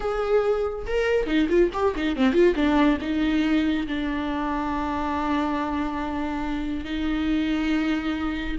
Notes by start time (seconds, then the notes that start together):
0.00 G#4
0.86 A#4
1.26 D#4
1.49 F4
1.73 G4
1.95 D#4
2.15 C4
2.32 F4
2.55 D4
3.01 D#4
3.87 D4
6.85 D#4